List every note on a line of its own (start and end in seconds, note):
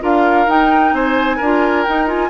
0.00 0.47 D4
0.00 0.46 F4
0.00 0.94 A#4
0.00 0.49 F5
0.47 0.92 D#4
0.47 1.39 D#4
0.47 0.95 G5
0.92 1.39 C4
0.92 1.36 C5
0.92 1.83 G#5
1.36 1.86 D4
1.36 2.28 A#4
1.43 1.86 F4
1.83 2.07 D#4
1.83 2.29 D#4
1.83 2.06 G5
2.07 2.29 F4
2.07 2.29 G#5